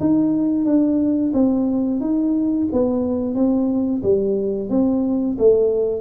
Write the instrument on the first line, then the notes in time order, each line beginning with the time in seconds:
tuba
0.00 D#4
0.65 D4
1.34 C4
2.00 D#4
2.72 B3
3.35 C4
4.03 G3
4.70 C4
5.38 A3